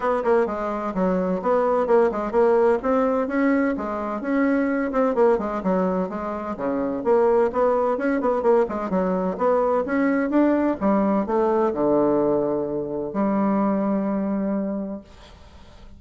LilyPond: \new Staff \with { instrumentName = "bassoon" } { \time 4/4 \tempo 4 = 128 b8 ais8 gis4 fis4 b4 | ais8 gis8 ais4 c'4 cis'4 | gis4 cis'4. c'8 ais8 gis8 | fis4 gis4 cis4 ais4 |
b4 cis'8 b8 ais8 gis8 fis4 | b4 cis'4 d'4 g4 | a4 d2. | g1 | }